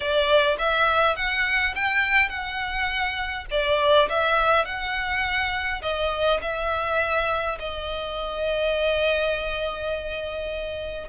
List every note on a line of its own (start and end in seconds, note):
0.00 0.57 D5
0.58 1.16 E5
1.16 1.74 F#5
1.75 2.29 G5
2.29 3.45 F#5
3.50 4.09 D5
4.09 4.65 E5
4.65 5.81 F#5
5.82 6.40 D#5
6.41 7.58 E5
7.59 11.08 D#5